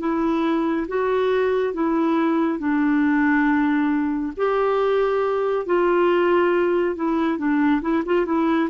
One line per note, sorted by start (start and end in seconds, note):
0.00 0.87 E4
0.88 1.74 F#4
1.74 2.59 E4
2.59 4.33 D4
4.37 5.66 G4
5.66 6.96 F4
6.96 7.38 E4
7.38 7.81 D4
7.82 8.04 E4
8.06 8.26 F4
8.26 8.69 E4